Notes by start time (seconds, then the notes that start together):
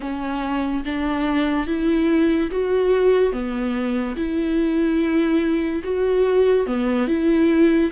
0.00 C#4
0.85 D4
1.67 E4
2.50 F#4
3.32 B3
4.16 E4
5.83 F#4
6.66 B3
7.07 E4